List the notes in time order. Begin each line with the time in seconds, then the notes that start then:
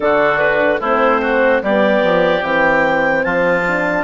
0.00 D3 D4 F#4 A4
0.39 B4
0.80 A3 C4 E4 C5
1.21 F#4
1.62 G3 B3 G4 D5
2.03 F3
2.40 E3 C4 G5
3.23 F3 F4 A5
3.67 D4